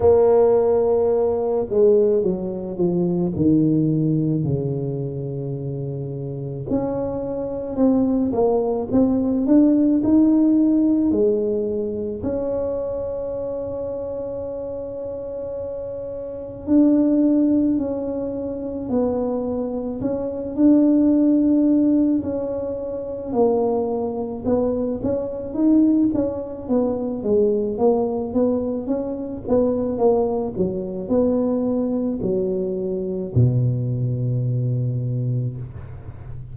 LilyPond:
\new Staff \with { instrumentName = "tuba" } { \time 4/4 \tempo 4 = 54 ais4. gis8 fis8 f8 dis4 | cis2 cis'4 c'8 ais8 | c'8 d'8 dis'4 gis4 cis'4~ | cis'2. d'4 |
cis'4 b4 cis'8 d'4. | cis'4 ais4 b8 cis'8 dis'8 cis'8 | b8 gis8 ais8 b8 cis'8 b8 ais8 fis8 | b4 fis4 b,2 | }